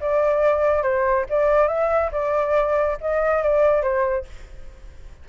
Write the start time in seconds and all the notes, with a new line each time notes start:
0.00 D5
0.82 C5
1.29 D5
1.67 E5
2.11 D5
3.00 D#5
3.42 D5
3.82 C5